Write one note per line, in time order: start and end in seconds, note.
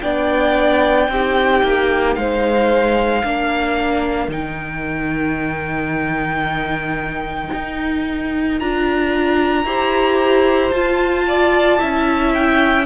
0.00 1.08 B3
0.00 1.10 D4
0.00 1.09 D5
0.00 2.14 G5
1.08 1.62 C4
1.08 3.23 D#4
1.08 2.19 G4
1.63 2.16 A#3
2.15 3.23 G#3
2.15 3.25 C5
2.15 4.29 F5
3.23 4.28 A#3
3.23 4.30 D4
3.23 9.66 A#4
4.28 7.49 D#3
4.28 8.59 D#4
4.28 8.59 G5
7.54 8.60 D#4
8.59 9.64 D4
8.59 9.65 F4
8.59 10.71 A#5
9.64 10.71 E4
9.64 10.72 G4
9.64 11.26 C5
10.71 11.79 F4
10.71 11.78 F4
10.71 12.32 A5
11.27 11.79 D5
11.78 12.86 C#4
11.78 12.85 E4
11.78 12.86 E5
12.34 12.86 G5